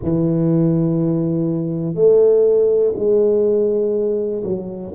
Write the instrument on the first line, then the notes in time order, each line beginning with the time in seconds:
tuba
0.03 E3
1.94 A3
2.95 G#3
4.43 F#3